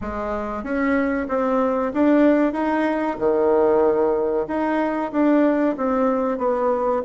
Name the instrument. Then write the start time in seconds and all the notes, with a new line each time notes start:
bassoon
0.01 G#3
0.63 C#4
1.28 C4
1.93 D4
2.52 D#4
3.18 D#3
4.47 D#4
5.12 D4
5.77 C4
6.38 B3